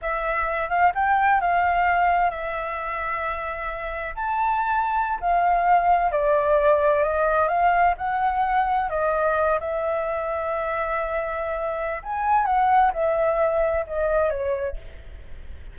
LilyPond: \new Staff \with { instrumentName = "flute" } { \time 4/4 \tempo 4 = 130 e''4. f''8 g''4 f''4~ | f''4 e''2.~ | e''4 a''2~ a''16 f''8.~ | f''4~ f''16 d''2 dis''8.~ |
dis''16 f''4 fis''2 dis''8.~ | dis''8. e''2.~ e''16~ | e''2 gis''4 fis''4 | e''2 dis''4 cis''4 | }